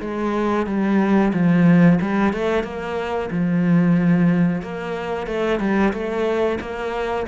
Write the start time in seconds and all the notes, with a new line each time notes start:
0.00 G#3
0.66 G3
1.33 F3
2.01 G3
2.33 A3
2.63 A#3
3.30 F3
4.62 A#3
5.26 A3
5.59 G3
5.93 A3
6.60 A#3